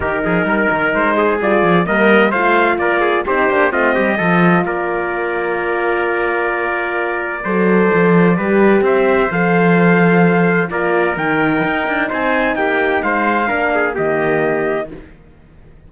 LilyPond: <<
  \new Staff \with { instrumentName = "trumpet" } { \time 4/4 \tempo 4 = 129 ais'2 c''4 d''4 | dis''4 f''4 d''4 c''4 | dis''2 d''2~ | d''1~ |
d''2. e''4 | f''2. d''4 | g''2 gis''4 g''4 | f''2 dis''2 | }
  \new Staff \with { instrumentName = "trumpet" } { \time 4/4 g'8 gis'8 ais'4. gis'4. | ais'4 c''4 ais'8 gis'8 g'4 | f'8 g'8 a'4 ais'2~ | ais'1 |
c''2 b'4 c''4~ | c''2. ais'4~ | ais'2 c''4 g'4 | c''4 ais'8 gis'8 g'2 | }
  \new Staff \with { instrumentName = "horn" } { \time 4/4 dis'2. f'4 | ais4 f'2 dis'8 d'8 | c'4 f'2.~ | f'1 |
a'2 g'2 | a'2. f'4 | dis'1~ | dis'4 d'4 ais2 | }
  \new Staff \with { instrumentName = "cello" } { \time 4/4 dis8 f8 g8 dis8 gis4 g8 f8 | g4 a4 ais4 c'8 ais8 | a8 g8 f4 ais2~ | ais1 |
fis4 f4 g4 c'4 | f2. ais4 | dis4 dis'8 d'8 c'4 ais4 | gis4 ais4 dis2 | }
>>